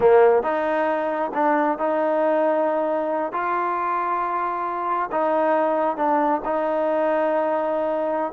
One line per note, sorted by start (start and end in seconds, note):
0.00 0.42 A#3
0.42 1.31 D#4
1.34 1.78 D4
1.78 3.32 D#4
3.32 5.10 F4
5.11 5.97 D#4
5.97 6.41 D4
6.44 8.32 D#4